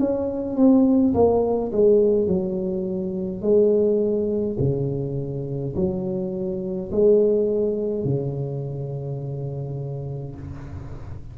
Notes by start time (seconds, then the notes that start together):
0.00 C#4
0.56 C4
1.14 A#3
1.72 G#3
2.28 F#3
3.42 G#3
4.59 C#3
5.75 F#3
6.92 G#3
8.05 C#3